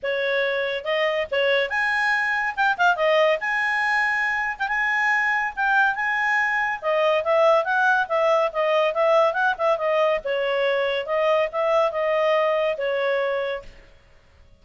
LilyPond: \new Staff \with { instrumentName = "clarinet" } { \time 4/4 \tempo 4 = 141 cis''2 dis''4 cis''4 | gis''2 g''8 f''8 dis''4 | gis''2~ gis''8. g''16 gis''4~ | gis''4 g''4 gis''2 |
dis''4 e''4 fis''4 e''4 | dis''4 e''4 fis''8 e''8 dis''4 | cis''2 dis''4 e''4 | dis''2 cis''2 | }